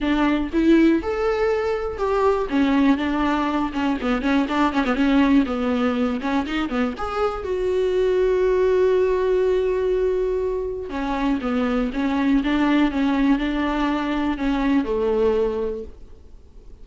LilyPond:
\new Staff \with { instrumentName = "viola" } { \time 4/4 \tempo 4 = 121 d'4 e'4 a'2 | g'4 cis'4 d'4. cis'8 | b8 cis'8 d'8 cis'16 b16 cis'4 b4~ | b8 cis'8 dis'8 b8 gis'4 fis'4~ |
fis'1~ | fis'2 cis'4 b4 | cis'4 d'4 cis'4 d'4~ | d'4 cis'4 a2 | }